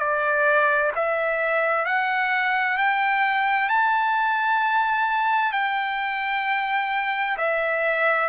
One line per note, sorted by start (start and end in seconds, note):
0.00 0.92 D5
0.96 1.86 E5
1.86 2.78 F#5
2.78 3.69 G5
3.69 5.53 A5
5.53 7.37 G5
7.38 8.29 E5